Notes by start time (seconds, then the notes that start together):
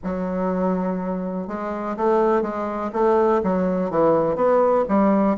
0.03 F#3
1.47 G#3
1.96 A3
2.41 G#3
2.92 A3
3.43 F#3
3.90 E3
4.35 B3
4.88 G3